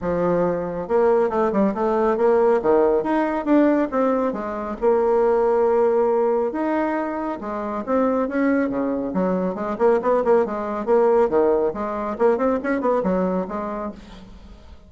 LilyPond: \new Staff \with { instrumentName = "bassoon" } { \time 4/4 \tempo 4 = 138 f2 ais4 a8 g8 | a4 ais4 dis4 dis'4 | d'4 c'4 gis4 ais4~ | ais2. dis'4~ |
dis'4 gis4 c'4 cis'4 | cis4 fis4 gis8 ais8 b8 ais8 | gis4 ais4 dis4 gis4 | ais8 c'8 cis'8 b8 fis4 gis4 | }